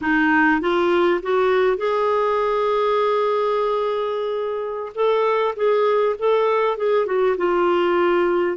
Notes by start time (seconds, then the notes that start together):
0.01 D#4
0.60 F4
1.22 F#4
1.77 G#4
4.94 A4
5.56 G#4
6.19 A4
6.77 G#4
7.06 F#4
7.37 F4